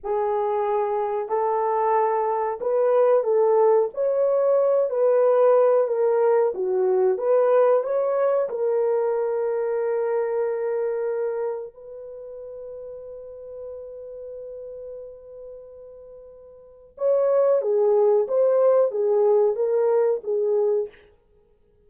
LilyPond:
\new Staff \with { instrumentName = "horn" } { \time 4/4 \tempo 4 = 92 gis'2 a'2 | b'4 a'4 cis''4. b'8~ | b'4 ais'4 fis'4 b'4 | cis''4 ais'2.~ |
ais'2 b'2~ | b'1~ | b'2 cis''4 gis'4 | c''4 gis'4 ais'4 gis'4 | }